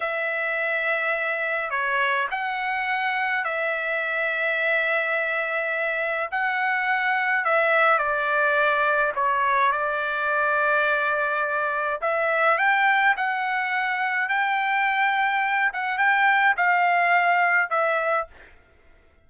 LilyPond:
\new Staff \with { instrumentName = "trumpet" } { \time 4/4 \tempo 4 = 105 e''2. cis''4 | fis''2 e''2~ | e''2. fis''4~ | fis''4 e''4 d''2 |
cis''4 d''2.~ | d''4 e''4 g''4 fis''4~ | fis''4 g''2~ g''8 fis''8 | g''4 f''2 e''4 | }